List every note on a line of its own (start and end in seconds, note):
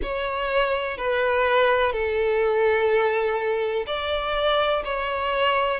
0.02 0.97 C#5
0.97 1.92 B4
1.92 3.86 A4
3.86 4.83 D5
4.84 5.80 C#5